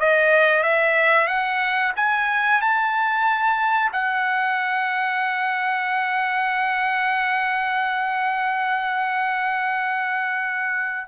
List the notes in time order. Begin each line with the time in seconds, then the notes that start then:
0.00 D#5
0.64 E5
1.28 F#5
1.97 G#5
2.61 A5
3.93 F#5